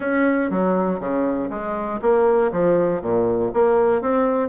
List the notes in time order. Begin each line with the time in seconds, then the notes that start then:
0.00 C#4
0.50 F#3
0.99 C#3
1.50 G#3
2.01 A#3
2.52 F3
3.01 A#2
3.53 A#3
4.01 C4